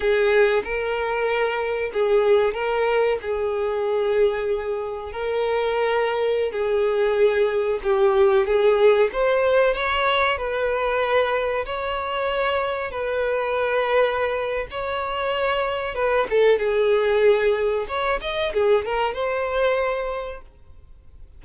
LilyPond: \new Staff \with { instrumentName = "violin" } { \time 4/4 \tempo 4 = 94 gis'4 ais'2 gis'4 | ais'4 gis'2. | ais'2~ ais'16 gis'4.~ gis'16~ | gis'16 g'4 gis'4 c''4 cis''8.~ |
cis''16 b'2 cis''4.~ cis''16~ | cis''16 b'2~ b'8. cis''4~ | cis''4 b'8 a'8 gis'2 | cis''8 dis''8 gis'8 ais'8 c''2 | }